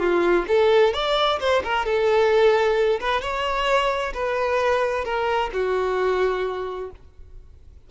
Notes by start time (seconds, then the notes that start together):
0.00 F4
0.48 A4
0.94 D5
1.40 C5
1.64 A#4
1.85 A4
3.01 B4
3.22 C#5
4.14 B4
5.05 A#4
5.53 F#4